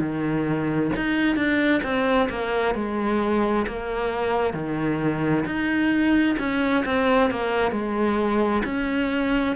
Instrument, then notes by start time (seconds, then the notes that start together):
cello
0.00 D#3
0.96 D#4
1.36 D4
1.83 C4
2.29 A#3
2.75 G#3
3.67 A#3
4.54 D#3
5.45 D#4
6.39 C#4
6.86 C4
7.30 A#3
7.72 G#3
8.65 C#4